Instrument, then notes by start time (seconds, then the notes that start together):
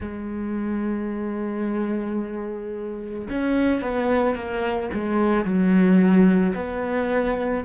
cello
0.00 G#3
3.29 C#4
3.81 B3
4.35 A#3
4.93 G#3
5.44 F#3
6.55 B3